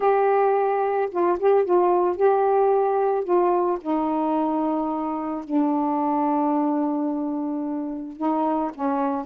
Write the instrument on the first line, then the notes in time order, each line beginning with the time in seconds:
saxophone
0.00 G4
1.11 F4
1.39 G4
1.64 F4
2.16 G4
3.24 F4
3.81 D#4
5.44 D4
8.16 D#4
8.74 C#4